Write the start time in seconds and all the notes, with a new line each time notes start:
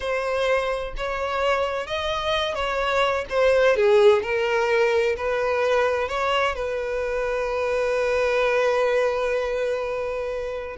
0.00 C5
0.97 C#5
1.86 D#5
2.54 C#5
3.29 C5
3.76 G#4
4.22 A#4
5.16 B4
6.08 C#5
6.55 B4